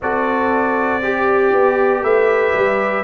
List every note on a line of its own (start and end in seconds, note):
0.01 1.52 C4
0.01 1.02 F#4
0.01 1.03 A4
0.01 2.03 D5
1.02 3.04 G4
1.02 2.03 G4
1.52 2.02 B3
2.02 2.53 A3
2.02 3.04 B4
2.02 3.04 E5
2.54 3.04 G3